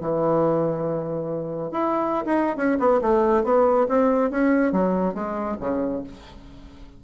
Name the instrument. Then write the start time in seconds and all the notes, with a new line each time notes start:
bassoon
0.00 E3
1.71 E4
2.25 D#4
2.56 C#4
2.79 B3
3.01 A3
3.43 B3
3.88 C4
4.30 C#4
4.72 F#3
5.14 G#3
5.60 C#3